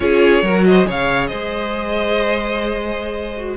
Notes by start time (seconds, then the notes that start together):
0.00 C#4 F4 G#4 C#5
0.42 F#3 F#4 A#4
0.64 C5 D#5
0.85 C#3 G#4 C#5 F5
1.26 G#3 C5 D#5
3.36 F#4